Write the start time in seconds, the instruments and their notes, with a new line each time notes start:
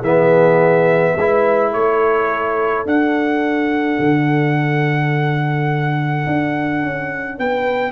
0.00 tuba E3, trombone B3, horn G#4, trumpet E5
1.16 tuba G#3, trombone E4, horn B4
1.71 tuba A3, horn A4, trumpet C#5
2.85 tuba D4, trombone D4, trumpet F#5
3.99 tuba D3
6.26 tuba D4
6.83 tuba C#4
7.37 tuba B3, horn B4, trumpet G5